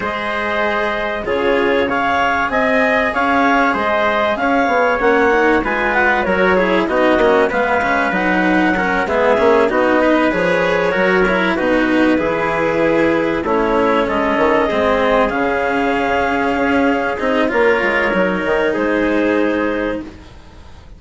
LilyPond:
<<
  \new Staff \with { instrumentName = "clarinet" } { \time 4/4 \tempo 4 = 96 dis''2 cis''4 f''4 | gis''4 f''4 dis''4 f''4 | fis''4 gis''8 fis''8 cis''4 dis''4 | f''4 fis''4. e''4 dis''8~ |
dis''8 cis''2 b'4.~ | b'4. cis''4 dis''4.~ | dis''8 f''2. dis''8 | cis''2 c''2 | }
  \new Staff \with { instrumentName = "trumpet" } { \time 4/4 c''2 gis'4 cis''4 | dis''4 cis''4 c''4 cis''4~ | cis''4 b'4 ais'8 gis'8 fis'4 | b'2 ais'8 gis'4 fis'8 |
b'4. ais'4 fis'4 gis'8~ | gis'4. e'4 a'4 gis'8~ | gis'1 | ais'2 gis'2 | }
  \new Staff \with { instrumentName = "cello" } { \time 4/4 gis'2 f'4 gis'4~ | gis'1 | cis'8 dis'8 f'4 fis'8 e'8 dis'8 cis'8 | b8 cis'8 dis'4 cis'8 b8 cis'8 dis'8~ |
dis'8 gis'4 fis'8 e'8 dis'4 e'8~ | e'4. cis'2 c'8~ | c'8 cis'2. dis'8 | f'4 dis'2. | }
  \new Staff \with { instrumentName = "bassoon" } { \time 4/4 gis2 cis2 | c'4 cis'4 gis4 cis'8 b8 | ais4 gis4 fis4 b8 ais8 | gis4 fis4. gis8 ais8 b8~ |
b8 f4 fis4 b,4 e8~ | e4. a4 gis8 dis8 gis8~ | gis8 cis2 cis'4 c'8 | ais8 gis8 fis8 dis8 gis2 | }
>>